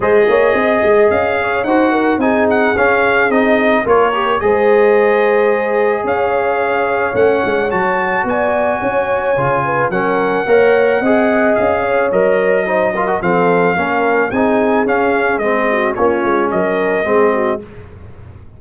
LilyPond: <<
  \new Staff \with { instrumentName = "trumpet" } { \time 4/4 \tempo 4 = 109 dis''2 f''4 fis''4 | gis''8 fis''8 f''4 dis''4 cis''4 | dis''2. f''4~ | f''4 fis''4 a''4 gis''4~ |
gis''2 fis''2~ | fis''4 f''4 dis''2 | f''2 gis''4 f''4 | dis''4 cis''4 dis''2 | }
  \new Staff \with { instrumentName = "horn" } { \time 4/4 c''8 cis''8 dis''4. cis''8 c''8 ais'8 | gis'2. ais'4 | c''2. cis''4~ | cis''2. d''4 |
cis''4. b'8 ais'4 cis''4 | dis''4. cis''4. c''8 ais'8 | a'4 ais'4 gis'2~ | gis'8 fis'8 f'4 ais'4 gis'8 fis'8 | }
  \new Staff \with { instrumentName = "trombone" } { \time 4/4 gis'2. fis'4 | dis'4 cis'4 dis'4 f'8 g'8 | gis'1~ | gis'4 cis'4 fis'2~ |
fis'4 f'4 cis'4 ais'4 | gis'2 ais'4 dis'8 f'16 fis'16 | c'4 cis'4 dis'4 cis'4 | c'4 cis'2 c'4 | }
  \new Staff \with { instrumentName = "tuba" } { \time 4/4 gis8 ais8 c'8 gis8 cis'4 dis'4 | c'4 cis'4 c'4 ais4 | gis2. cis'4~ | cis'4 a8 gis8 fis4 b4 |
cis'4 cis4 fis4 ais4 | c'4 cis'4 fis2 | f4 ais4 c'4 cis'4 | gis4 ais8 gis8 fis4 gis4 | }
>>